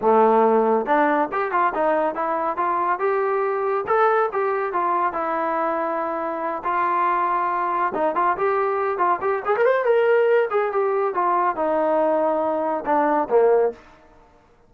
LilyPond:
\new Staff \with { instrumentName = "trombone" } { \time 4/4 \tempo 4 = 140 a2 d'4 g'8 f'8 | dis'4 e'4 f'4 g'4~ | g'4 a'4 g'4 f'4 | e'2.~ e'8 f'8~ |
f'2~ f'8 dis'8 f'8 g'8~ | g'4 f'8 g'8 gis'16 ais'16 c''8 ais'4~ | ais'8 gis'8 g'4 f'4 dis'4~ | dis'2 d'4 ais4 | }